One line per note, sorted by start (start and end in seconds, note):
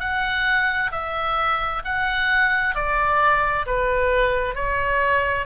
0.00 0.91 F#5
0.92 1.83 E5
1.85 2.75 F#5
2.75 3.66 D5
3.67 4.55 B4
4.55 5.46 C#5